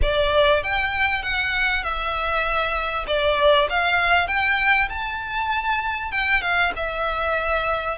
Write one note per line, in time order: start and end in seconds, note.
0.02 0.63 D5
0.63 1.22 G5
1.22 1.83 F#5
1.83 3.05 E5
3.07 3.68 D5
3.69 4.27 F5
4.27 4.88 G5
4.89 6.11 A5
6.11 6.41 G5
6.41 6.72 F5
6.76 7.98 E5